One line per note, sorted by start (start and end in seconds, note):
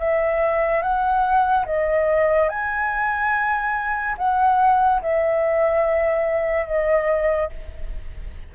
0.00 0.83 E5
0.83 1.66 F#5
1.66 2.49 D#5
2.49 4.16 G#5
4.18 5.02 F#5
5.02 6.67 E5
6.67 7.50 D#5